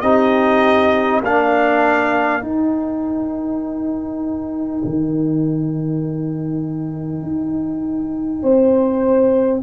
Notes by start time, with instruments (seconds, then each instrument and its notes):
0.00 tuba C4, trombone D#4, horn G4, trumpet D#5
1.21 tuba A#3, trombone D4, horn A#4, trumpet F5
2.41 tuba D#4, trombone D#4, trumpet G5
4.84 tuba D#3
7.22 tuba D#4
8.42 tuba C4, horn C5